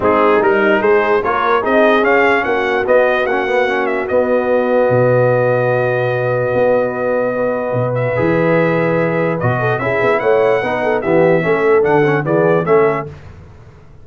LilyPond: <<
  \new Staff \with { instrumentName = "trumpet" } { \time 4/4 \tempo 4 = 147 gis'4 ais'4 c''4 cis''4 | dis''4 f''4 fis''4 dis''4 | fis''4. e''8 dis''2~ | dis''1~ |
dis''2.~ dis''8 e''8~ | e''2. dis''4 | e''4 fis''2 e''4~ | e''4 fis''4 d''4 e''4 | }
  \new Staff \with { instrumentName = "horn" } { \time 4/4 dis'2 gis'4 ais'4 | gis'2 fis'2~ | fis'1~ | fis'1~ |
fis'2 b'2~ | b'2.~ b'8 a'8 | gis'4 cis''4 b'8 a'8 g'4 | a'2 gis'4 a'4 | }
  \new Staff \with { instrumentName = "trombone" } { \time 4/4 c'4 dis'2 f'4 | dis'4 cis'2 b4 | cis'8 b8 cis'4 b2~ | b1~ |
b2 fis'2 | gis'2. fis'4 | e'2 dis'4 b4 | cis'4 d'8 cis'8 b4 cis'4 | }
  \new Staff \with { instrumentName = "tuba" } { \time 4/4 gis4 g4 gis4 ais4 | c'4 cis'4 ais4 b4 | ais2 b2 | b,1 |
b2. b,4 | e2. b,4 | cis'8 b8 a4 b4 e4 | a4 d4 e4 a4 | }
>>